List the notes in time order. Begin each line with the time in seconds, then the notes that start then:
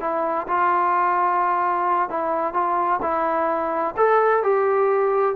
0.00 E4
0.47 F4
2.09 E4
2.53 F4
3.02 E4
3.96 A4
4.43 G4